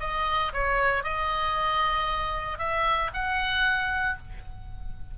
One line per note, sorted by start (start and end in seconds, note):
0.00 0.52 D#5
0.53 1.04 C#5
1.04 2.58 D#5
2.58 3.11 E5
3.14 4.18 F#5